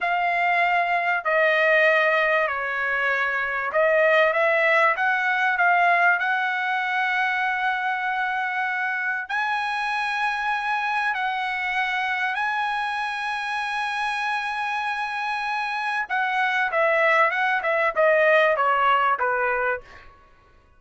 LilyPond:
\new Staff \with { instrumentName = "trumpet" } { \time 4/4 \tempo 4 = 97 f''2 dis''2 | cis''2 dis''4 e''4 | fis''4 f''4 fis''2~ | fis''2. gis''4~ |
gis''2 fis''2 | gis''1~ | gis''2 fis''4 e''4 | fis''8 e''8 dis''4 cis''4 b'4 | }